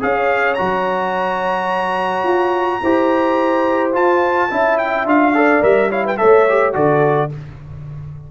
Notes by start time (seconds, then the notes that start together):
0.00 C#4 G#4 C#5 F5
0.54 F#4 A#5
0.60 F#3
2.24 F4
2.82 E4 G4 C5
3.93 F4 A5
4.50 C#4 E4 E5
4.78 G5
5.05 D4 F4 F5
5.34 A4 D5
5.62 G3 A#4 E5
5.90 E4 C#5 F5
6.04 B4 G5
6.17 A3 A4 C#5 E5
6.49 G4
6.73 D3 F#4 A4 D5